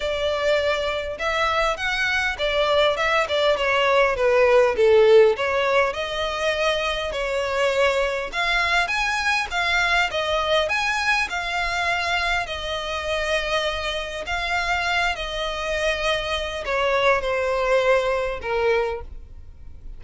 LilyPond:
\new Staff \with { instrumentName = "violin" } { \time 4/4 \tempo 4 = 101 d''2 e''4 fis''4 | d''4 e''8 d''8 cis''4 b'4 | a'4 cis''4 dis''2 | cis''2 f''4 gis''4 |
f''4 dis''4 gis''4 f''4~ | f''4 dis''2. | f''4. dis''2~ dis''8 | cis''4 c''2 ais'4 | }